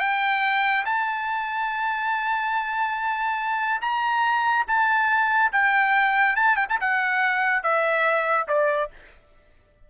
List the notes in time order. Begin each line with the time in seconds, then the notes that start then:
0.00 G5
0.85 A5
3.81 A#5
4.67 A5
5.52 G5
6.36 A5
6.56 G5
6.69 A5
6.80 F#5
7.63 E5
8.48 D5